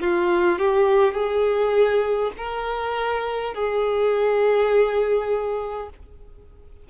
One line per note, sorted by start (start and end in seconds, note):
0.00 0.58 F4
0.58 1.13 G4
1.13 2.31 G#4
2.37 3.54 A#4
3.54 5.89 G#4